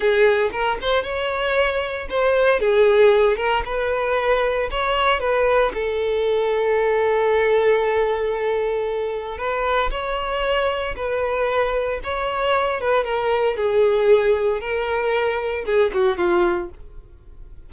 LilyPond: \new Staff \with { instrumentName = "violin" } { \time 4/4 \tempo 4 = 115 gis'4 ais'8 c''8 cis''2 | c''4 gis'4. ais'8 b'4~ | b'4 cis''4 b'4 a'4~ | a'1~ |
a'2 b'4 cis''4~ | cis''4 b'2 cis''4~ | cis''8 b'8 ais'4 gis'2 | ais'2 gis'8 fis'8 f'4 | }